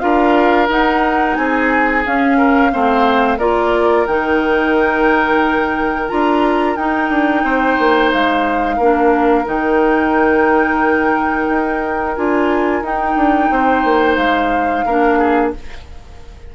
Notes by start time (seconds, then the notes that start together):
0.00 D4 F4 A#4 F5
0.69 D#4 F#5
1.36 C4 G#4 G#5
2.06 C#4 F5
2.38 A#4
2.72 A3 C4 C5
3.39 A#3 F4 A#4 D5
4.07 D#3 D#4 G5
6.09 D4 F4 A#5
6.76 D#4 G5
7.10 D4
7.44 C4 C5
7.79 A#3
8.12 G#3 F5
8.77 A#3 D4 A#4
9.46 D#3 D#4 G5
11.50 D#4
12.16 D4 F4 G#5
12.82 D#4 G5
13.16 D4
13.51 C4 C5
13.85 A#3
14.16 G#3 F5
14.86 A#3 D4 A#4
15.19 G#4